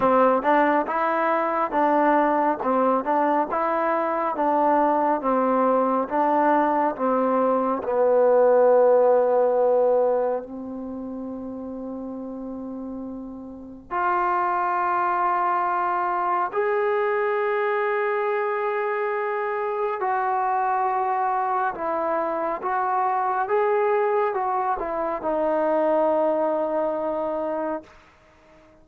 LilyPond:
\new Staff \with { instrumentName = "trombone" } { \time 4/4 \tempo 4 = 69 c'8 d'8 e'4 d'4 c'8 d'8 | e'4 d'4 c'4 d'4 | c'4 b2. | c'1 |
f'2. gis'4~ | gis'2. fis'4~ | fis'4 e'4 fis'4 gis'4 | fis'8 e'8 dis'2. | }